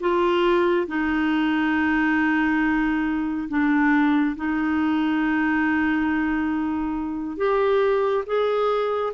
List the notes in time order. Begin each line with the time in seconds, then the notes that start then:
0.00 F4
0.87 D#4
3.49 D4
4.36 D#4
7.37 G4
8.26 G#4